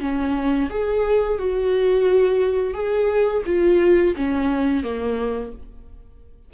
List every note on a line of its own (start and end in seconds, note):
0.00 0.69 C#4
0.70 1.38 G#4
1.38 2.73 F#4
2.73 3.42 G#4
3.46 4.15 F4
4.16 4.83 C#4
4.83 5.52 A#3